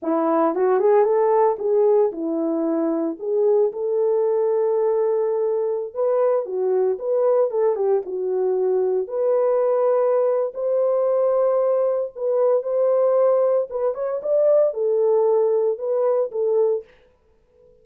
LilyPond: \new Staff \with { instrumentName = "horn" } { \time 4/4 \tempo 4 = 114 e'4 fis'8 gis'8 a'4 gis'4 | e'2 gis'4 a'4~ | a'2.~ a'16 b'8.~ | b'16 fis'4 b'4 a'8 g'8 fis'8.~ |
fis'4~ fis'16 b'2~ b'8. | c''2. b'4 | c''2 b'8 cis''8 d''4 | a'2 b'4 a'4 | }